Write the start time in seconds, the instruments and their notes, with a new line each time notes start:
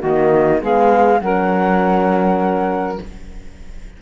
0.00 cello D#3, horn A#3, saxophone F#4, flute D#5
0.61 cello G#3, horn B3, saxophone G#4, flute F5
1.20 cello F#3, horn C#4, saxophone A#4, flute F#5